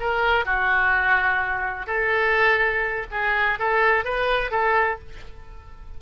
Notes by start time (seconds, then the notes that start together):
0.00 A#4
0.46 F#4
1.87 A4
3.11 G#4
3.59 A4
4.05 B4
4.51 A4